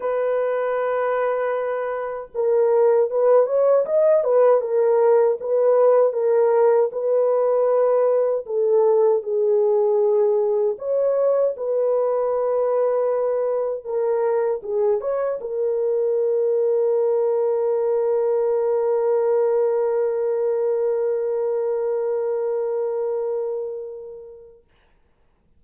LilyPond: \new Staff \with { instrumentName = "horn" } { \time 4/4 \tempo 4 = 78 b'2. ais'4 | b'8 cis''8 dis''8 b'8 ais'4 b'4 | ais'4 b'2 a'4 | gis'2 cis''4 b'4~ |
b'2 ais'4 gis'8 cis''8 | ais'1~ | ais'1~ | ais'1 | }